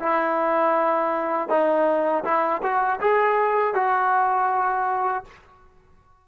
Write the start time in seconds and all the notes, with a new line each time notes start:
0.00 E4
1.49 D#4
2.24 E4
2.63 F#4
3.01 G#4
3.74 F#4